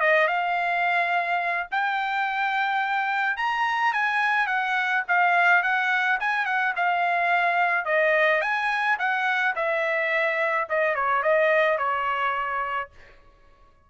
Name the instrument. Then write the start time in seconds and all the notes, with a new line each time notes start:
trumpet
0.00 D#5
0.28 F5
1.71 G5
3.37 A#5
3.93 G#5
4.47 F#5
5.08 F5
5.63 F#5
6.20 G#5
6.46 F#5
6.76 F5
7.85 D#5
8.41 G#5
8.99 F#5
9.56 E5
10.69 D#5
10.95 C#5
11.23 D#5
11.78 C#5